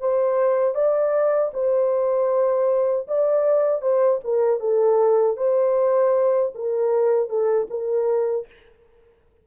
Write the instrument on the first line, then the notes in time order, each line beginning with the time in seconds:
horn
0.00 C5
0.75 D5
1.53 C5
3.08 D5
3.81 C5
4.24 A#4
4.60 A4
5.37 C5
6.55 A#4
7.29 A4
7.70 A#4